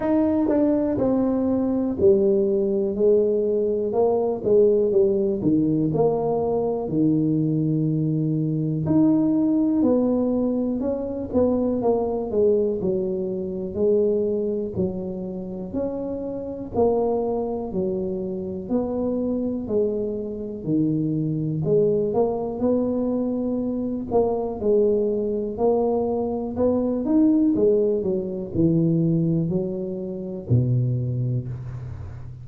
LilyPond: \new Staff \with { instrumentName = "tuba" } { \time 4/4 \tempo 4 = 61 dis'8 d'8 c'4 g4 gis4 | ais8 gis8 g8 dis8 ais4 dis4~ | dis4 dis'4 b4 cis'8 b8 | ais8 gis8 fis4 gis4 fis4 |
cis'4 ais4 fis4 b4 | gis4 dis4 gis8 ais8 b4~ | b8 ais8 gis4 ais4 b8 dis'8 | gis8 fis8 e4 fis4 b,4 | }